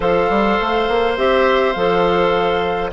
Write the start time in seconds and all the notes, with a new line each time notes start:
0.00 F3 A4 C5 F5
0.29 G3
0.60 A3
0.88 A#3
1.16 C4 G4 E5
1.72 F3 A4 F5